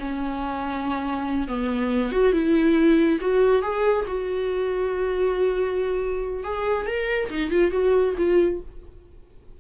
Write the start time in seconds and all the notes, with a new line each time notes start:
0.00 C#4
1.48 B3
2.12 F#4
2.33 E4
3.21 F#4
3.63 G#4
4.08 F#4
6.44 G#4
6.87 A#4
7.30 D#4
7.51 F4
7.72 F#4
8.18 F4